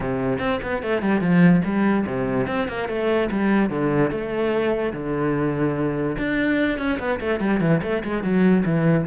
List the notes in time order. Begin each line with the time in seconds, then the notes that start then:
0.00 C3
0.39 C4
0.62 B3
0.82 A3
1.02 G3
1.20 F3
1.64 G3
2.06 C3
2.47 C4
2.68 A#3
2.88 A3
3.30 G3
3.69 D3
4.10 A3
4.93 D3
6.18 D4
6.78 C#4
6.99 B3
7.20 A3
7.40 G3
7.60 E3
7.83 A3
8.03 G#3
8.23 F#3
8.65 E3